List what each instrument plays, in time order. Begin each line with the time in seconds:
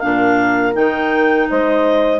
0.00 bassoon A#2, clarinet D4 F5, horn A#4
0.73 bassoon D#3, clarinet D#4 G5
1.49 bassoon G#3, horn C5, clarinet D#5